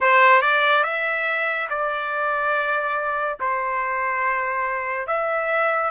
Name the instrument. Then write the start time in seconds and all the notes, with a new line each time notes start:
trumpet
0.00 C5
0.41 D5
0.83 E5
1.69 D5
3.40 C5
5.07 E5